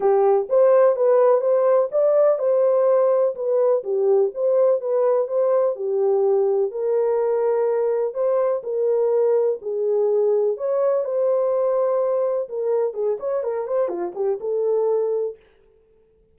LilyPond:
\new Staff \with { instrumentName = "horn" } { \time 4/4 \tempo 4 = 125 g'4 c''4 b'4 c''4 | d''4 c''2 b'4 | g'4 c''4 b'4 c''4 | g'2 ais'2~ |
ais'4 c''4 ais'2 | gis'2 cis''4 c''4~ | c''2 ais'4 gis'8 cis''8 | ais'8 c''8 f'8 g'8 a'2 | }